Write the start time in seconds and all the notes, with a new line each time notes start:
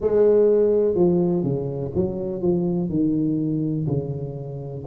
0.00 G#3
0.94 F3
1.43 C#3
1.95 F#3
2.41 F3
2.89 D#3
3.87 C#3